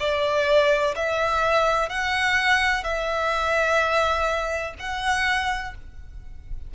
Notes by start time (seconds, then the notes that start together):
0.00 D5
0.96 E5
1.90 F#5
2.84 E5
4.80 F#5